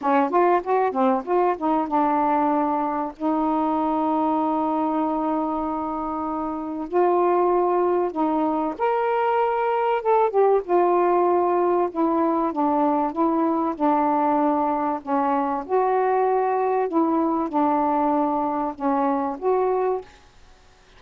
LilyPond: \new Staff \with { instrumentName = "saxophone" } { \time 4/4 \tempo 4 = 96 cis'8 f'8 fis'8 c'8 f'8 dis'8 d'4~ | d'4 dis'2.~ | dis'2. f'4~ | f'4 dis'4 ais'2 |
a'8 g'8 f'2 e'4 | d'4 e'4 d'2 | cis'4 fis'2 e'4 | d'2 cis'4 fis'4 | }